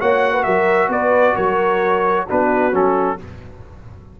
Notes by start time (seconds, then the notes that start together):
0.00 A#3 F#4 C#5 F#5
0.32 B4
0.43 F#3 A#4 E5
0.88 B3 B4 D5
1.35 F#3 A#4 C#5
2.26 B3 D4 F#4 B4
2.72 F#3 C#4 A4